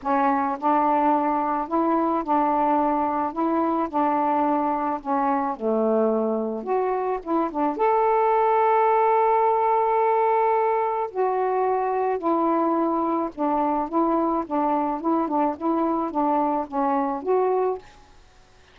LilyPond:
\new Staff \with { instrumentName = "saxophone" } { \time 4/4 \tempo 4 = 108 cis'4 d'2 e'4 | d'2 e'4 d'4~ | d'4 cis'4 a2 | fis'4 e'8 d'8 a'2~ |
a'1 | fis'2 e'2 | d'4 e'4 d'4 e'8 d'8 | e'4 d'4 cis'4 fis'4 | }